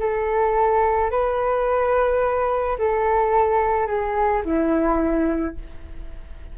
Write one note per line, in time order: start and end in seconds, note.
0.00 1.11 A4
1.11 2.78 B4
2.79 3.87 A4
3.87 4.43 G#4
4.45 5.56 E4